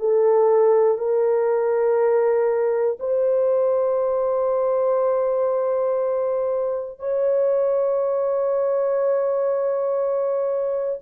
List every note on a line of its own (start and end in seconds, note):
0.00 0.98 A4
0.98 2.98 A#4
3.00 7.00 C5
7.00 11.00 C#5